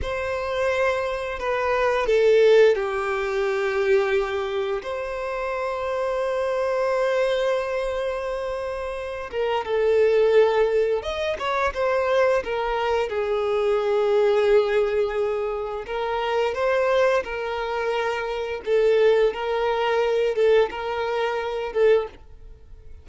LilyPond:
\new Staff \with { instrumentName = "violin" } { \time 4/4 \tempo 4 = 87 c''2 b'4 a'4 | g'2. c''4~ | c''1~ | c''4. ais'8 a'2 |
dis''8 cis''8 c''4 ais'4 gis'4~ | gis'2. ais'4 | c''4 ais'2 a'4 | ais'4. a'8 ais'4. a'8 | }